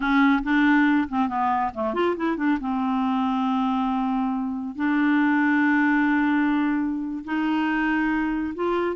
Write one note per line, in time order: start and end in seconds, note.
0.00 0.42 C#4
0.43 1.08 D4
1.09 1.28 C4
1.28 1.71 B3
1.74 1.94 A3
1.94 2.15 F4
2.16 2.36 E4
2.36 2.58 D4
2.60 4.75 C4
4.75 7.23 D4
7.24 8.54 D#4
8.54 8.95 F4